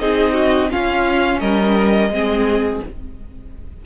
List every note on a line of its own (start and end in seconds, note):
0.00 0.71 C4
0.00 0.70 D#4
0.00 0.34 G#4
0.00 0.71 D#5
0.34 0.70 F#4
0.70 2.11 C#4
0.70 1.41 C#4
0.70 1.41 F4
0.70 1.40 F5
1.40 2.09 G3
1.40 2.11 A#4
1.40 2.81 D#5
2.09 2.80 G#3
2.09 2.82 C4
2.09 2.86 G#4